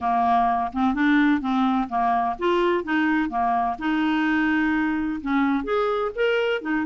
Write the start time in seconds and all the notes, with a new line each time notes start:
0.00 A#3
0.72 C4
0.94 D4
1.40 C4
1.88 A#3
2.39 F4
2.83 D#4
3.29 A#3
3.78 D#4
5.21 C#4
5.64 G#4
6.15 A#4
6.61 D#4